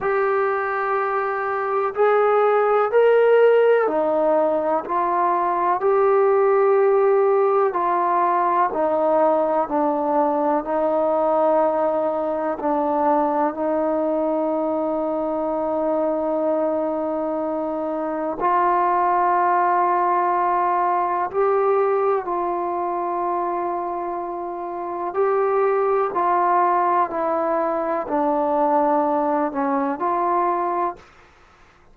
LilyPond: \new Staff \with { instrumentName = "trombone" } { \time 4/4 \tempo 4 = 62 g'2 gis'4 ais'4 | dis'4 f'4 g'2 | f'4 dis'4 d'4 dis'4~ | dis'4 d'4 dis'2~ |
dis'2. f'4~ | f'2 g'4 f'4~ | f'2 g'4 f'4 | e'4 d'4. cis'8 f'4 | }